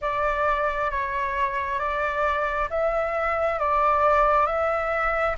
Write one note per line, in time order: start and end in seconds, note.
0.01 0.90 D5
0.90 1.79 C#5
1.79 2.68 D5
2.69 3.59 E5
3.59 4.46 D5
4.46 5.35 E5